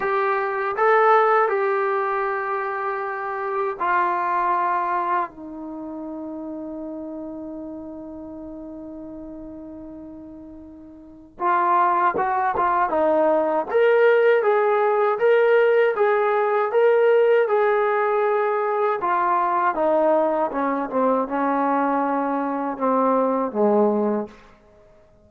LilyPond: \new Staff \with { instrumentName = "trombone" } { \time 4/4 \tempo 4 = 79 g'4 a'4 g'2~ | g'4 f'2 dis'4~ | dis'1~ | dis'2. f'4 |
fis'8 f'8 dis'4 ais'4 gis'4 | ais'4 gis'4 ais'4 gis'4~ | gis'4 f'4 dis'4 cis'8 c'8 | cis'2 c'4 gis4 | }